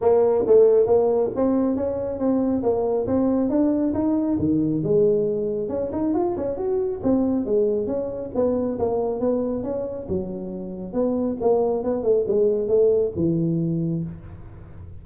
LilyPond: \new Staff \with { instrumentName = "tuba" } { \time 4/4 \tempo 4 = 137 ais4 a4 ais4 c'4 | cis'4 c'4 ais4 c'4 | d'4 dis'4 dis4 gis4~ | gis4 cis'8 dis'8 f'8 cis'8 fis'4 |
c'4 gis4 cis'4 b4 | ais4 b4 cis'4 fis4~ | fis4 b4 ais4 b8 a8 | gis4 a4 e2 | }